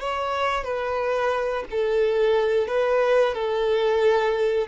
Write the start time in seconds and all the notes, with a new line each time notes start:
0.00 C#5
0.64 B4
1.71 A4
2.68 B4
3.35 A4